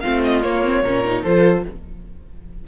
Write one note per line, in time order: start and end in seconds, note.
0.00 0.44 A3
0.00 0.43 C4
0.00 0.83 F4
0.00 0.20 F5
0.24 0.42 D#5
0.42 0.64 A#3
0.42 0.82 A#3
0.42 1.23 C#5
0.64 0.84 C4
0.82 1.23 A#2
0.82 1.04 C#4
0.82 1.22 A#4
1.04 1.25 D#4
1.22 1.65 F3
1.22 1.67 F4
1.22 1.63 A4
1.22 1.64 C5